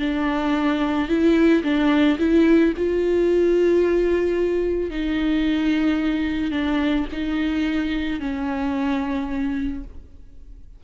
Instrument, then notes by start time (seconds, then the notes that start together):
viola
0.00 D4
1.09 E4
1.64 D4
2.19 E4
2.77 F4
4.91 D#4
6.52 D4
7.12 D#4
8.21 C#4